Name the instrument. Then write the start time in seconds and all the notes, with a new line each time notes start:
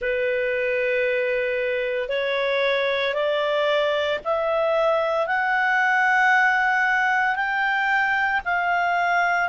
clarinet
0.01 B4
2.08 C#5
3.13 D5
4.24 E5
5.26 F#5
7.35 G5
8.44 F5